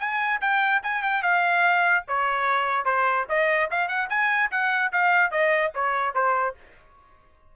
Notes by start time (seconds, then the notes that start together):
0.00 G#5
0.41 G5
0.83 G#5
1.03 G5
1.23 F5
2.08 C#5
2.86 C5
3.29 D#5
3.71 F5
3.89 F#5
4.10 G#5
4.51 F#5
4.93 F5
5.31 D#5
5.75 C#5
6.15 C5